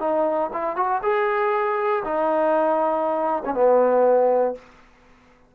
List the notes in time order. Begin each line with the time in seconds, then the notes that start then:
0.00 D#4
0.53 E4
0.76 F#4
1.03 G#4
2.05 D#4
3.46 C#4
3.55 B3